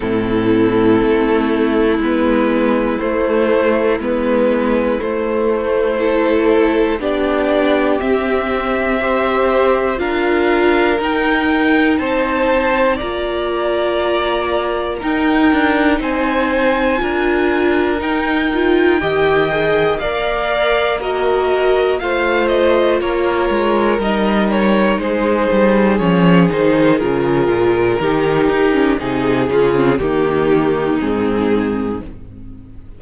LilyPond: <<
  \new Staff \with { instrumentName = "violin" } { \time 4/4 \tempo 4 = 60 a'2 b'4 c''4 | b'4 c''2 d''4 | e''2 f''4 g''4 | a''4 ais''2 g''4 |
gis''2 g''2 | f''4 dis''4 f''8 dis''8 cis''4 | dis''8 cis''8 c''4 cis''8 c''8 ais'4~ | ais'4 gis'8 f'8 g'4 gis'4 | }
  \new Staff \with { instrumentName = "violin" } { \time 4/4 e'1~ | e'2 a'4 g'4~ | g'4 c''4 ais'2 | c''4 d''2 ais'4 |
c''4 ais'2 dis''4 | d''4 ais'4 c''4 ais'4~ | ais'4 gis'2. | g'4 gis'4 dis'2 | }
  \new Staff \with { instrumentName = "viola" } { \time 4/4 c'2 b4 a4 | b4 a4 e'4 d'4 | c'4 g'4 f'4 dis'4~ | dis'4 f'2 dis'4~ |
dis'4 f'4 dis'8 f'8 g'8 gis'8 | ais'4 fis'4 f'2 | dis'2 cis'8 dis'8 f'4 | dis'8. cis'16 dis'8 cis'16 c'16 ais4 c'4 | }
  \new Staff \with { instrumentName = "cello" } { \time 4/4 a,4 a4 gis4 a4 | gis4 a2 b4 | c'2 d'4 dis'4 | c'4 ais2 dis'8 d'8 |
c'4 d'4 dis'4 dis4 | ais2 a4 ais8 gis8 | g4 gis8 g8 f8 dis8 cis8 ais,8 | dis8 dis'8 c8 cis8 dis4 gis,4 | }
>>